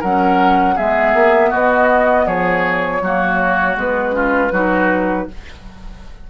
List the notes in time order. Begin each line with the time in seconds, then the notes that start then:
0.00 F#3 C#4 A#4 F#5
0.76 G#3 B3 G#4 E5
1.15 A#3
1.51 B3 F#4 D#5
2.27 F3 G#4 C#5
3.02 F#3 A#3 F#4
3.76 G#3 B3 B4
4.12 C#4 F4
4.52 F#3 D#4 F#4